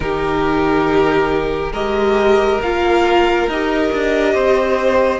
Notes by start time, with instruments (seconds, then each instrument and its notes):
0.00 cello D#3, viola D#4, violin G4 A#4
1.72 cello G#3, viola G4, violin A#4 D#5
2.61 cello A#3, viola F4, violin F5
3.47 cello D#4, viola G4, violin D#5
3.92 cello D4
4.33 cello C4, violin C5